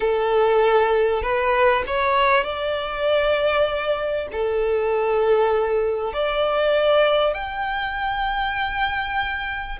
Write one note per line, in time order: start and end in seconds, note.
0.00 1.22 A4
1.22 1.83 B4
1.86 2.44 C#5
2.44 4.27 D5
4.32 6.13 A4
6.13 7.33 D5
7.33 9.78 G5